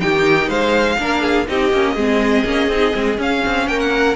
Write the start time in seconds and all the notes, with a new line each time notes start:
0.00 D#3 D#4 G4 G5
0.48 G#3 C5 F5
0.98 A#3 D4 A#4
1.21 G#4
1.48 C4 D#4 G4 D#5
1.72 A#3 C#4
1.95 G#3 C4 G#4
2.45 A#3 C#4
2.68 C4 D#4
2.93 G#3 C4
3.17 C#4 F5
3.45 C4
3.67 A#3 A#4 G5
3.79 F#5